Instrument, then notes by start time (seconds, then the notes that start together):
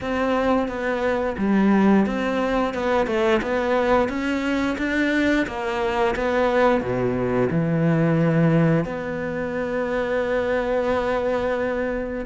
cello
0.01 C4
0.68 B3
1.38 G3
2.05 C4
2.74 B3
3.06 A3
3.42 B3
4.08 C#4
4.78 D4
5.46 A#3
6.15 B3
6.80 B2
7.50 E3
8.85 B3